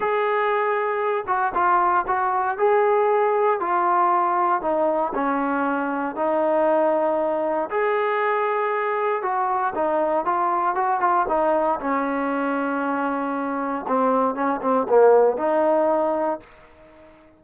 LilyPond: \new Staff \with { instrumentName = "trombone" } { \time 4/4 \tempo 4 = 117 gis'2~ gis'8 fis'8 f'4 | fis'4 gis'2 f'4~ | f'4 dis'4 cis'2 | dis'2. gis'4~ |
gis'2 fis'4 dis'4 | f'4 fis'8 f'8 dis'4 cis'4~ | cis'2. c'4 | cis'8 c'8 ais4 dis'2 | }